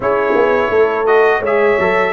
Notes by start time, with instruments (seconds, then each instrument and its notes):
0.00 tuba C#4, trombone E4, horn G#4, trumpet C#5
0.35 tuba B3
0.69 tuba A3, horn A4
1.06 trombone F#4, trumpet D#5
1.39 tuba G#3, horn C#5
1.45 trombone G#4, trumpet E5
1.79 tuba F#3, trombone A4